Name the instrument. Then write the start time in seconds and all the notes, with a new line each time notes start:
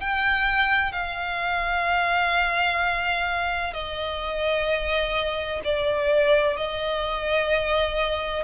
violin
0.00 G5
0.92 F5
3.73 D#5
5.64 D5
6.57 D#5